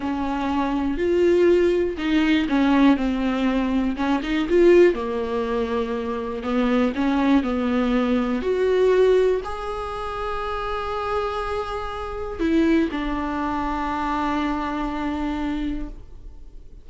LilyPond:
\new Staff \with { instrumentName = "viola" } { \time 4/4 \tempo 4 = 121 cis'2 f'2 | dis'4 cis'4 c'2 | cis'8 dis'8 f'4 ais2~ | ais4 b4 cis'4 b4~ |
b4 fis'2 gis'4~ | gis'1~ | gis'4 e'4 d'2~ | d'1 | }